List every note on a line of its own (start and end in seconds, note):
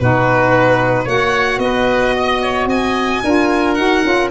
0.00 1.07 B2
0.00 1.07 D#4
0.00 1.04 F#4
0.00 1.08 B4
1.04 1.58 A#3
1.04 3.24 F#4
1.04 1.58 C#5
1.04 1.59 F#5
1.58 2.66 B3
1.58 2.67 D#5
1.64 2.15 B4
2.15 2.42 D#5
2.42 2.69 C#5
2.66 3.20 C4
2.66 3.23 D#5
2.66 3.74 G#5
3.24 3.78 D4
3.24 3.77 F4
3.24 4.30 A#4
3.74 4.04 D#4
3.74 4.03 F#4
3.74 4.28 F#5
4.03 4.30 C#4
4.03 4.30 F4